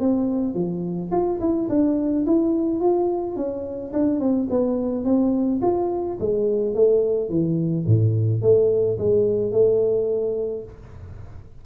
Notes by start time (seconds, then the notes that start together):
0.00 C4
0.55 F3
1.11 F4
1.40 E4
1.69 D4
2.26 E4
2.80 F4
3.36 C#4
3.93 D4
4.20 C4
4.50 B3
5.05 C4
5.62 F4
6.20 G#3
6.75 A3
7.29 E3
7.87 A2
8.42 A3
8.98 G#3
9.52 A3